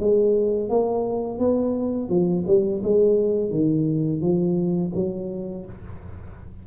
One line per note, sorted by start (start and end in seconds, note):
0.00 0.69 G#3
0.69 1.39 A#3
1.39 2.09 B3
2.09 2.44 F3
2.47 2.82 G3
2.84 3.51 G#3
3.51 4.21 D#3
4.22 4.92 F3
4.95 5.65 F#3